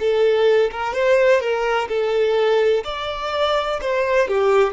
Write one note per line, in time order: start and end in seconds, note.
0.00 0.71 A4
0.72 0.94 A#4
0.94 1.41 C5
1.41 1.88 A#4
1.89 2.84 A4
2.85 3.81 D5
3.82 4.28 C5
4.28 4.74 G4